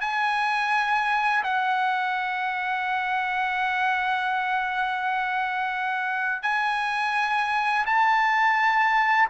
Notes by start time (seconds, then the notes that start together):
0.00 G#5
1.43 F#5
6.42 G#5
7.85 A5